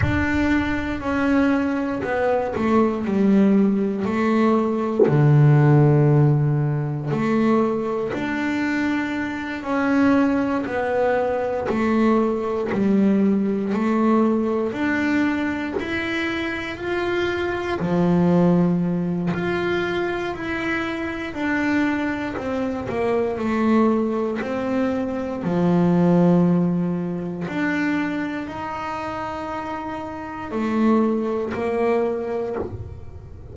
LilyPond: \new Staff \with { instrumentName = "double bass" } { \time 4/4 \tempo 4 = 59 d'4 cis'4 b8 a8 g4 | a4 d2 a4 | d'4. cis'4 b4 a8~ | a8 g4 a4 d'4 e'8~ |
e'8 f'4 f4. f'4 | e'4 d'4 c'8 ais8 a4 | c'4 f2 d'4 | dis'2 a4 ais4 | }